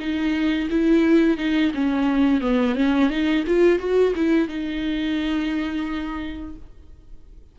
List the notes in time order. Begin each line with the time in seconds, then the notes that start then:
0.00 D#4
0.71 E4
1.38 D#4
1.75 C#4
2.41 B3
2.76 C#4
3.10 D#4
3.48 F4
3.79 F#4
4.16 E4
4.49 D#4